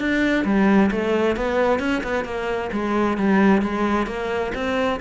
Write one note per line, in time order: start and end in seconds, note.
0.00 0.45 D4
0.45 0.90 G3
0.91 1.36 A3
1.36 1.80 B3
1.80 2.02 C#4
2.04 2.25 B3
2.25 2.70 A#3
2.73 3.18 G#3
3.18 3.62 G3
3.62 4.07 G#3
4.07 4.52 A#3
4.55 5.00 C4